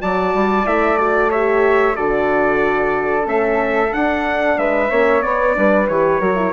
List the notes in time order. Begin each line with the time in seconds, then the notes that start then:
0.00 F#3 F#4 D5 A5
0.34 G3
0.64 A3 E4 E5
0.97 F#4 D5
1.30 G4 C#5 E5
1.95 D3 F#4 A4 D5
3.22 A3 C#4 E5
3.92 D4 F#5
4.57 G#3 B4 E5
4.90 A#3 C#4 C#5
5.22 B3 D5
5.54 G3 D4 B4
5.87 E3 G4 C#5
6.20 F#3 F#4 A#4
6.35 E4